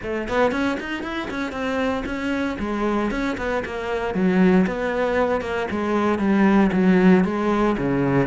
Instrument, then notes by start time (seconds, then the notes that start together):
cello
0.02 A3
0.28 B3
0.51 C#4
0.80 D#4
1.03 E4
1.30 C#4
1.51 C4
2.05 C#4
2.59 G#3
3.10 C#4
3.37 B3
3.65 A#3
4.14 F#3
4.66 B3
5.41 A#3
5.70 G#3
6.18 G3
6.72 F#3
7.24 G#3
7.78 C#3